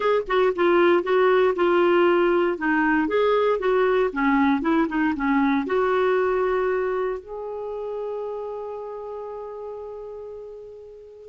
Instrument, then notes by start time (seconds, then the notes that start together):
clarinet
0.00 G#4
0.27 F#4
0.55 F4
1.03 F#4
1.55 F4
2.58 D#4
3.08 G#4
3.59 F#4
4.12 C#4
4.61 E4
4.88 D#4
5.15 C#4
5.66 F#4
7.19 G#4